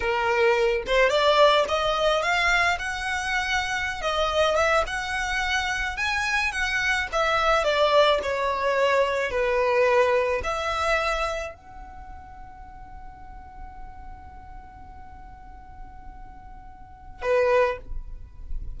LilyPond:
\new Staff \with { instrumentName = "violin" } { \time 4/4 \tempo 4 = 108 ais'4. c''8 d''4 dis''4 | f''4 fis''2~ fis''16 dis''8.~ | dis''16 e''8 fis''2 gis''4 fis''16~ | fis''8. e''4 d''4 cis''4~ cis''16~ |
cis''8. b'2 e''4~ e''16~ | e''8. fis''2.~ fis''16~ | fis''1~ | fis''2. b'4 | }